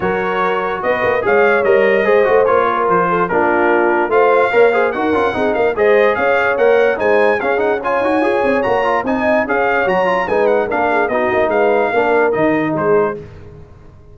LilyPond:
<<
  \new Staff \with { instrumentName = "trumpet" } { \time 4/4 \tempo 4 = 146 cis''2 dis''4 f''4 | dis''2 cis''4 c''4 | ais'2 f''2 | fis''4. f''8 dis''4 f''4 |
fis''4 gis''4 f''8 fis''8 gis''4~ | gis''4 ais''4 gis''4 f''4 | ais''4 gis''8 fis''8 f''4 dis''4 | f''2 dis''4 c''4 | }
  \new Staff \with { instrumentName = "horn" } { \time 4/4 ais'2 b'4 cis''4~ | cis''4 c''4. ais'4 a'8 | f'2 c''4 cis''8 c''8 | ais'4 gis'8 ais'8 c''4 cis''4~ |
cis''4 c''4 gis'4 cis''4~ | cis''2 dis''4 cis''4~ | cis''4 b'4 ais'8 gis'8 fis'4 | b'4 ais'2 gis'4 | }
  \new Staff \with { instrumentName = "trombone" } { \time 4/4 fis'2. gis'4 | ais'4 gis'8 fis'8 f'2 | d'2 f'4 ais'8 gis'8 | fis'8 f'8 dis'4 gis'2 |
ais'4 dis'4 cis'8 dis'8 f'8 fis'8 | gis'4 fis'8 f'8 dis'4 gis'4 | fis'8 f'8 dis'4 d'4 dis'4~ | dis'4 d'4 dis'2 | }
  \new Staff \with { instrumentName = "tuba" } { \time 4/4 fis2 b8 ais8 gis4 | g4 gis8 a8 ais4 f4 | ais2 a4 ais4 | dis'8 cis'8 c'8 ais8 gis4 cis'4 |
ais4 gis4 cis'4. dis'8 | f'8 c'8 ais4 c'4 cis'4 | fis4 gis4 ais4 b8 ais8 | gis4 ais4 dis4 gis4 | }
>>